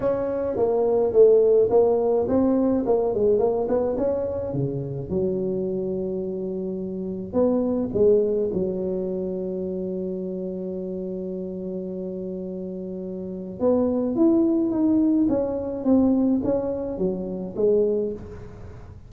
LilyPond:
\new Staff \with { instrumentName = "tuba" } { \time 4/4 \tempo 4 = 106 cis'4 ais4 a4 ais4 | c'4 ais8 gis8 ais8 b8 cis'4 | cis4 fis2.~ | fis4 b4 gis4 fis4~ |
fis1~ | fis1 | b4 e'4 dis'4 cis'4 | c'4 cis'4 fis4 gis4 | }